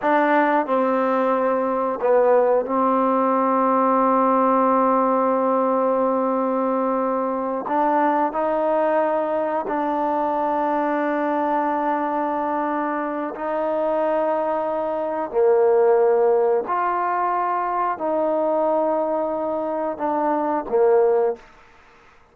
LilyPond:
\new Staff \with { instrumentName = "trombone" } { \time 4/4 \tempo 4 = 90 d'4 c'2 b4 | c'1~ | c'2.~ c'8 d'8~ | d'8 dis'2 d'4.~ |
d'1 | dis'2. ais4~ | ais4 f'2 dis'4~ | dis'2 d'4 ais4 | }